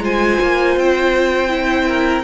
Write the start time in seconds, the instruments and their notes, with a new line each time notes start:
0.00 cello G#3, viola F4, violin C5 G#5
0.41 cello A#3
0.76 cello C4, violin G5
1.48 viola E4
1.87 violin A#4